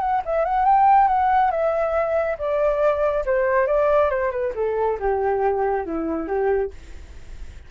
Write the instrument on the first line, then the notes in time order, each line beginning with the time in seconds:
flute
0.00 F#5
0.26 E5
0.45 F#5
0.66 G5
1.08 F#5
1.51 E5
2.38 D5
3.26 C5
3.67 D5
4.10 C5
4.31 B4
4.56 A4
5.00 G4
5.86 E4
6.28 G4